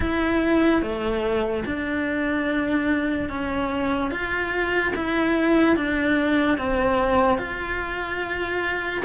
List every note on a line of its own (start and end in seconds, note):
0.00 0.81 E4
0.81 1.64 A3
1.65 3.29 D4
3.29 4.11 C#4
4.11 4.93 F4
4.95 5.76 E4
5.76 6.57 D4
6.57 7.37 C4
7.37 9.02 F4